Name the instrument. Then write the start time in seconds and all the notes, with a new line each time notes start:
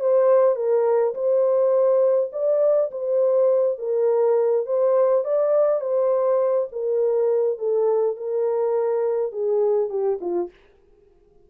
horn
0.00 C5
0.56 A#4
1.14 C5
2.32 D5
2.91 C5
3.79 A#4
4.66 C5
5.24 D5
5.81 C5
6.72 A#4
7.58 A4
8.16 A#4
9.32 G#4
9.90 G4
10.21 F4